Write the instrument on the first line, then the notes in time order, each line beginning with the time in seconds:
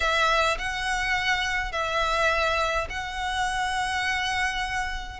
violin
0.00 E5
0.58 F#5
1.72 E5
2.89 F#5